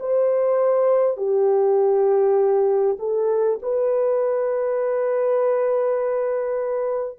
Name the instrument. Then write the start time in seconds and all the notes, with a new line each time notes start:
horn
0.00 C5
1.17 G4
2.99 A4
3.62 B4